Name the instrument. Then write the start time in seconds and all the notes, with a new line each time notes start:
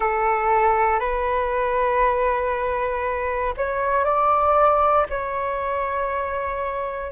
flute
0.00 A4
0.99 B4
3.57 C#5
4.04 D5
5.09 C#5